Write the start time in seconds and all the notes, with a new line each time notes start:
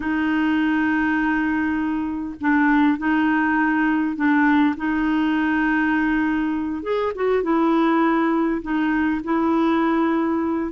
0.00 D#4
2.40 D4
2.98 D#4
4.16 D4
4.77 D#4
6.82 G#4
7.15 F#4
7.43 E4
8.61 D#4
9.23 E4